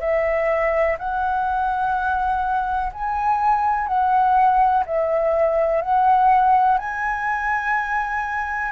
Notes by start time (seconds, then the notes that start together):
0.00 E5
0.98 F#5
2.93 G#5
3.87 F#5
4.86 E5
5.82 F#5
6.78 G#5